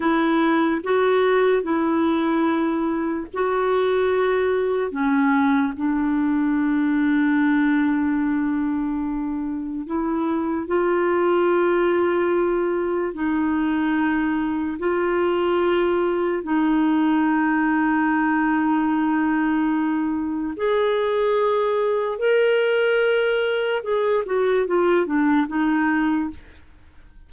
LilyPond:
\new Staff \with { instrumentName = "clarinet" } { \time 4/4 \tempo 4 = 73 e'4 fis'4 e'2 | fis'2 cis'4 d'4~ | d'1 | e'4 f'2. |
dis'2 f'2 | dis'1~ | dis'4 gis'2 ais'4~ | ais'4 gis'8 fis'8 f'8 d'8 dis'4 | }